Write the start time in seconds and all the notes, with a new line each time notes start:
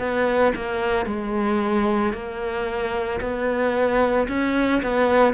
0.00 B3
0.56 A#3
1.06 G#3
2.13 A#3
3.21 B3
4.29 C#4
4.83 B3